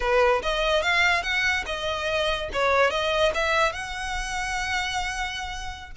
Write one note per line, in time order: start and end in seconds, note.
0.00 0.42 B4
0.42 0.82 D#5
0.82 1.22 F5
1.22 1.64 F#5
1.66 2.49 D#5
2.52 2.90 C#5
2.90 3.31 D#5
3.34 3.72 E5
3.72 5.91 F#5